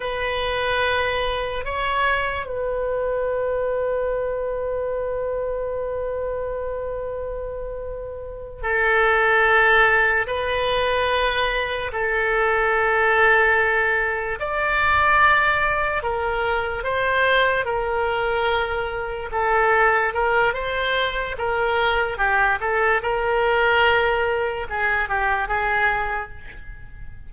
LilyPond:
\new Staff \with { instrumentName = "oboe" } { \time 4/4 \tempo 4 = 73 b'2 cis''4 b'4~ | b'1~ | b'2~ b'8 a'4.~ | a'8 b'2 a'4.~ |
a'4. d''2 ais'8~ | ais'8 c''4 ais'2 a'8~ | a'8 ais'8 c''4 ais'4 g'8 a'8 | ais'2 gis'8 g'8 gis'4 | }